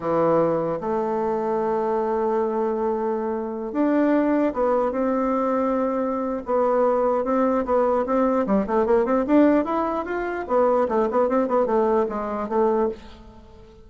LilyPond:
\new Staff \with { instrumentName = "bassoon" } { \time 4/4 \tempo 4 = 149 e2 a2~ | a1~ | a4~ a16 d'2 b8.~ | b16 c'2.~ c'8. |
b2 c'4 b4 | c'4 g8 a8 ais8 c'8 d'4 | e'4 f'4 b4 a8 b8 | c'8 b8 a4 gis4 a4 | }